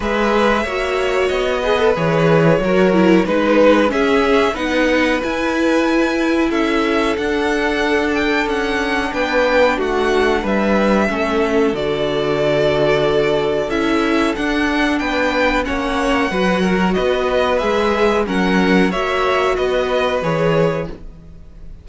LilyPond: <<
  \new Staff \with { instrumentName = "violin" } { \time 4/4 \tempo 4 = 92 e''2 dis''4 cis''4~ | cis''4 b'4 e''4 fis''4 | gis''2 e''4 fis''4~ | fis''8 g''8 fis''4 g''4 fis''4 |
e''2 d''2~ | d''4 e''4 fis''4 g''4 | fis''2 dis''4 e''4 | fis''4 e''4 dis''4 cis''4 | }
  \new Staff \with { instrumentName = "violin" } { \time 4/4 b'4 cis''4. b'4. | ais'4 b'4 gis'4 b'4~ | b'2 a'2~ | a'2 b'4 fis'4 |
b'4 a'2.~ | a'2. b'4 | cis''4 b'8 ais'8 b'2 | ais'4 cis''4 b'2 | }
  \new Staff \with { instrumentName = "viola" } { \time 4/4 gis'4 fis'4. gis'16 a'16 gis'4 | fis'8 e'8 dis'4 cis'4 dis'4 | e'2. d'4~ | d'1~ |
d'4 cis'4 fis'2~ | fis'4 e'4 d'2 | cis'4 fis'2 gis'4 | cis'4 fis'2 gis'4 | }
  \new Staff \with { instrumentName = "cello" } { \time 4/4 gis4 ais4 b4 e4 | fis4 gis4 cis'4 b4 | e'2 cis'4 d'4~ | d'4 cis'4 b4 a4 |
g4 a4 d2~ | d4 cis'4 d'4 b4 | ais4 fis4 b4 gis4 | fis4 ais4 b4 e4 | }
>>